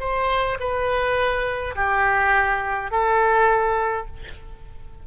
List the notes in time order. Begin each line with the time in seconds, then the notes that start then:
0.00 C5
0.60 B4
1.76 G4
2.91 A4